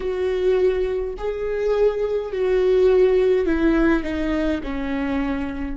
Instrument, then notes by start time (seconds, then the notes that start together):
viola
0.00 F#4
1.17 G#4
2.32 F#4
3.46 E4
4.03 D#4
4.63 C#4